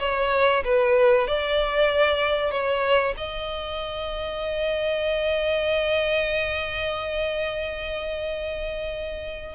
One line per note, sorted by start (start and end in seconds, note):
0.00 0.64 C#5
0.64 1.28 B4
1.28 2.51 D5
2.51 3.15 C#5
3.17 9.56 D#5